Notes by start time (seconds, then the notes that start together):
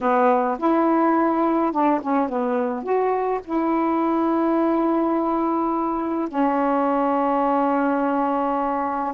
0.00 B3
0.59 E4
1.71 D4
2.01 C#4
2.29 B3
2.83 F#4
3.44 E4
6.28 C#4